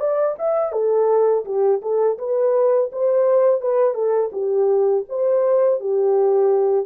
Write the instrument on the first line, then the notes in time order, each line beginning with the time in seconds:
horn
0.00 D5
0.39 E5
0.73 A4
1.46 G4
1.82 A4
2.19 B4
2.92 C5
3.61 B4
3.95 A4
4.33 G4
5.09 C5
5.81 G4